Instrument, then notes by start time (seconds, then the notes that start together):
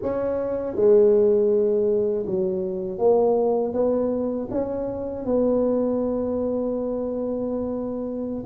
tuba
0.02 C#4
0.75 G#3
2.26 F#3
2.98 A#3
3.73 B3
4.50 C#4
5.25 B3